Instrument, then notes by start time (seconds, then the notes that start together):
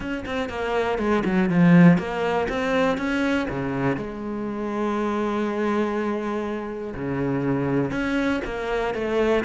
cello
0.00 C#4
0.25 C4
0.49 A#3
0.98 G#3
1.25 F#3
1.49 F3
1.97 A#3
2.48 C4
2.97 C#4
3.49 C#3
3.96 G#3
6.94 C#3
7.91 C#4
8.44 A#3
8.94 A3